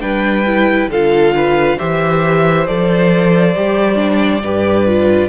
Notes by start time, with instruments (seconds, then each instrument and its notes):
0.00 cello G3, viola D4, violin B4 G5
0.47 viola E4
0.88 cello D3, viola F4, violin A4 F5
1.35 violin B4
1.78 cello E3, viola G4, violin C5 E5
2.67 cello F3, viola A4, violin D5
3.56 cello G3, viola G4
3.96 viola D4
4.43 cello G2, viola G4, violin B4
4.87 viola F4